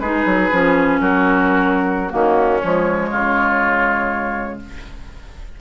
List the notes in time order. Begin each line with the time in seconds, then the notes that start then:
0.00 G#3 D#4 G#4 B4
0.26 F#3
0.52 F3 C#4
1.00 F#3 F#4 A#4
2.09 D#3 A#3 C#4 F#4
2.61 F3 G#3 C#5
3.11 C#3 F4